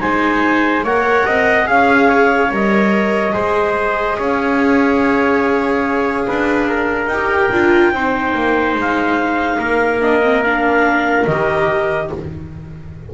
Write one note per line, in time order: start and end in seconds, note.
0.00 0.84 G#3
0.00 0.83 D#4
0.00 0.84 C5
0.00 0.84 G#5
0.84 1.25 A#3
0.84 1.65 A#4
0.84 1.26 C#5
0.84 1.69 F#5
1.26 1.68 C4
1.26 1.67 D#5
1.65 2.51 C#4
1.65 2.49 G#4
1.65 2.09 F5
1.65 2.52 F5
2.09 3.34 C#5
2.51 3.34 G3
2.51 3.33 A#4
2.51 4.20 D#5
3.33 4.18 G#3
3.33 7.08 G#4
3.33 4.17 C5
4.18 6.27 C#4
4.18 6.26 C#5
4.18 7.08 F5
6.27 7.06 D4
6.27 6.69 B4
6.69 7.94 A#4
7.06 7.48 D#4
7.06 8.74 G5
7.13 7.53 G4
7.52 7.93 D4
7.52 7.94 F4
7.93 8.34 C4
7.93 10.01 D#4
7.93 9.59 C5
8.35 8.75 A#3
8.75 9.58 G#3
8.75 10.02 F5
9.59 11.25 A#3
9.59 12.09 A#4
10.01 10.22 D4
10.01 10.42 D#5
10.23 10.44 C4
10.42 11.28 D4
10.42 11.25 F5
11.26 12.10 D#3
11.26 12.14 G4
11.26 12.09 D#5